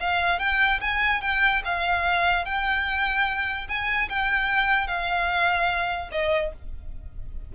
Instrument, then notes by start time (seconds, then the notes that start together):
violin
0.00 F5
0.39 G5
0.81 G#5
1.22 G5
1.65 F5
2.45 G5
3.68 G#5
4.09 G5
4.87 F5
6.12 D#5